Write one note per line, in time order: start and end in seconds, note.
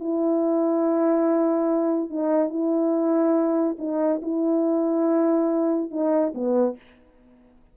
0.00 2.10 E4
2.10 2.50 D#4
2.50 3.76 E4
3.79 4.21 D#4
4.22 5.91 E4
5.91 6.33 D#4
6.35 6.77 B3